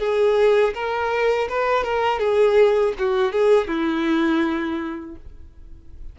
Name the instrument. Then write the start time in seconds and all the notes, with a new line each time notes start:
violin
0.00 G#4
0.74 A#4
1.49 B4
1.84 A#4
2.20 G#4
2.99 F#4
3.33 G#4
3.68 E4